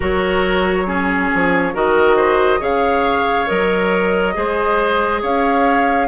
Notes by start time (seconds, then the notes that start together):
0.00 F#3 F#4 A#4 C#5
0.86 C#4 G#4
1.34 F3
1.74 D#3 F#4 A#4 D#5
2.16 C5
2.59 C#3 G#4 C#5 F5
3.46 F#3 A#4 D#5
4.34 G#3 G#4 C5
5.21 C#4 C#5 F5